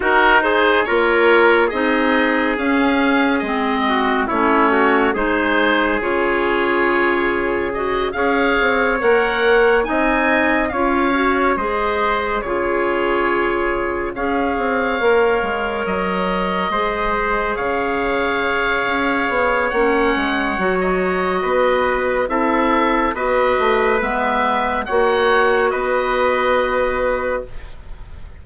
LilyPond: <<
  \new Staff \with { instrumentName = "oboe" } { \time 4/4 \tempo 4 = 70 ais'8 c''8 cis''4 dis''4 f''4 | dis''4 cis''4 c''4 cis''4~ | cis''4 dis''8 f''4 fis''4 gis''8~ | gis''8 f''4 dis''4 cis''4.~ |
cis''8 f''2 dis''4.~ | dis''8 f''2~ f''8 fis''4~ | fis''16 dis''4.~ dis''16 e''4 dis''4 | e''4 fis''4 dis''2 | }
  \new Staff \with { instrumentName = "trumpet" } { \time 4/4 fis'8 gis'8 ais'4 gis'2~ | gis'8 fis'8 e'8 fis'8 gis'2~ | gis'4. cis''2 dis''8~ | dis''8 cis''4 c''4 gis'4.~ |
gis'8 cis''2. c''8~ | c''8 cis''2.~ cis''8~ | cis''4 b'4 a'4 b'4~ | b'4 cis''4 b'2 | }
  \new Staff \with { instrumentName = "clarinet" } { \time 4/4 dis'4 f'4 dis'4 cis'4 | c'4 cis'4 dis'4 f'4~ | f'4 fis'8 gis'4 ais'4 dis'8~ | dis'8 f'8 fis'8 gis'4 f'4.~ |
f'8 gis'4 ais'2 gis'8~ | gis'2. cis'4 | fis'2 e'4 fis'4 | b4 fis'2. | }
  \new Staff \with { instrumentName = "bassoon" } { \time 4/4 dis'4 ais4 c'4 cis'4 | gis4 a4 gis4 cis4~ | cis4. cis'8 c'8 ais4 c'8~ | c'8 cis'4 gis4 cis4.~ |
cis8 cis'8 c'8 ais8 gis8 fis4 gis8~ | gis8 cis4. cis'8 b8 ais8 gis8 | fis4 b4 c'4 b8 a8 | gis4 ais4 b2 | }
>>